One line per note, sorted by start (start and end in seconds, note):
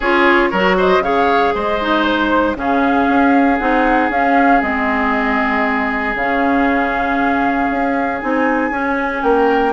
0.00 0.52 C#4
0.00 0.53 F4
0.00 0.49 G#4
0.00 0.77 C#5
0.50 0.99 F#3
0.50 1.02 F#4
0.50 0.76 A#4
0.77 1.03 C5
0.77 1.03 D#5
0.99 1.50 C#3
0.99 1.79 G#4
0.99 1.54 C#5
0.99 1.54 F5
1.54 2.55 G#3
1.54 2.57 C5
1.54 2.03 D#5
1.80 2.55 D#4
2.03 2.55 C5
2.55 3.07 C#3
2.55 3.57 C#4
2.55 9.23 G#4
2.55 3.58 F5
3.08 3.59 C#4
3.58 4.09 C4
3.58 4.10 D#4
3.58 4.10 F#5
4.09 4.61 C#4
4.09 4.61 F5
4.61 6.14 G#3
4.61 6.15 C4
4.61 6.15 D#5
6.14 7.68 C#3
6.14 8.21 C#4
6.14 8.20 F5
7.69 8.21 C#4
8.20 8.70 C4
8.20 8.71 D#4
8.20 9.22 G#5
8.70 9.21 C#4
8.70 9.72 C#4
9.22 9.72 A#3
9.22 9.72 A#4
9.22 9.72 G5